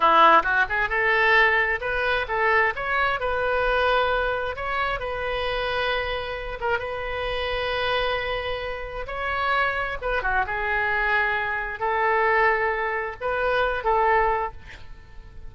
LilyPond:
\new Staff \with { instrumentName = "oboe" } { \time 4/4 \tempo 4 = 132 e'4 fis'8 gis'8 a'2 | b'4 a'4 cis''4 b'4~ | b'2 cis''4 b'4~ | b'2~ b'8 ais'8 b'4~ |
b'1 | cis''2 b'8 fis'8 gis'4~ | gis'2 a'2~ | a'4 b'4. a'4. | }